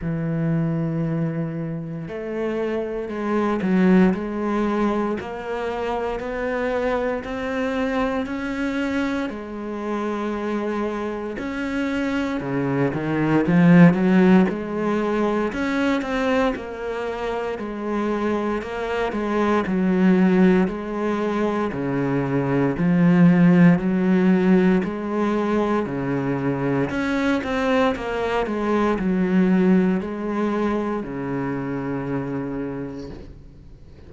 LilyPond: \new Staff \with { instrumentName = "cello" } { \time 4/4 \tempo 4 = 58 e2 a4 gis8 fis8 | gis4 ais4 b4 c'4 | cis'4 gis2 cis'4 | cis8 dis8 f8 fis8 gis4 cis'8 c'8 |
ais4 gis4 ais8 gis8 fis4 | gis4 cis4 f4 fis4 | gis4 cis4 cis'8 c'8 ais8 gis8 | fis4 gis4 cis2 | }